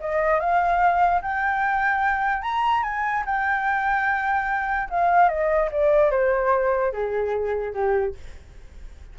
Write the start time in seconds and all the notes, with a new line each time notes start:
0.00 D#5
0.40 F5
1.22 G5
2.42 A#5
2.83 G#5
3.26 G5
4.90 F5
5.28 D#5
5.71 D5
6.11 C5
6.92 G#4
7.73 G4